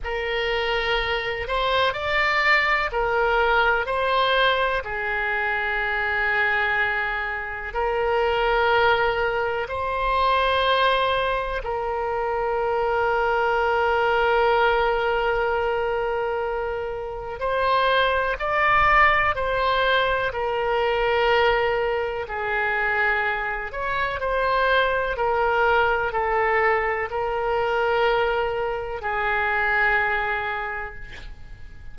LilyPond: \new Staff \with { instrumentName = "oboe" } { \time 4/4 \tempo 4 = 62 ais'4. c''8 d''4 ais'4 | c''4 gis'2. | ais'2 c''2 | ais'1~ |
ais'2 c''4 d''4 | c''4 ais'2 gis'4~ | gis'8 cis''8 c''4 ais'4 a'4 | ais'2 gis'2 | }